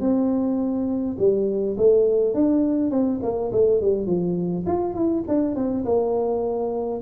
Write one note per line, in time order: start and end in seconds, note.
0.00 1.17 C4
1.18 1.77 G3
1.77 2.34 A3
2.34 2.91 D4
2.91 3.20 C4
3.22 3.51 A#3
3.52 3.81 A3
3.81 4.06 G3
4.06 4.64 F3
4.66 4.94 F4
4.94 5.23 E4
5.28 5.55 D4
5.55 5.84 C4
5.85 7.01 A#3